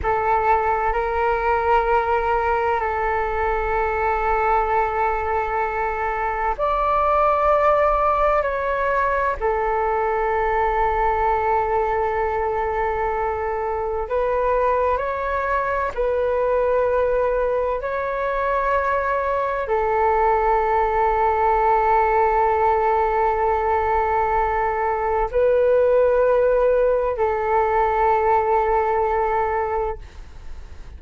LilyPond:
\new Staff \with { instrumentName = "flute" } { \time 4/4 \tempo 4 = 64 a'4 ais'2 a'4~ | a'2. d''4~ | d''4 cis''4 a'2~ | a'2. b'4 |
cis''4 b'2 cis''4~ | cis''4 a'2.~ | a'2. b'4~ | b'4 a'2. | }